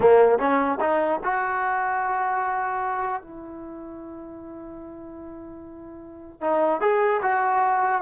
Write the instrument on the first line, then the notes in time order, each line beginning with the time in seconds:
trombone
0.00 A#3
0.39 C#4
0.80 D#4
1.23 F#4
3.22 E4
6.40 D#4
6.80 G#4
7.22 F#4